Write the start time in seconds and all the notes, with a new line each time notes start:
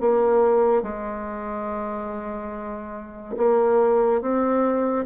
0.00 A#3
0.82 G#3
3.36 A#3
4.21 C4